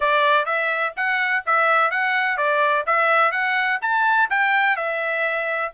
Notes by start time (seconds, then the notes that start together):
0.00 D5
0.45 E5
0.96 F#5
1.45 E5
1.90 F#5
2.37 D5
2.86 E5
3.31 F#5
3.81 A5
4.30 G5
4.76 E5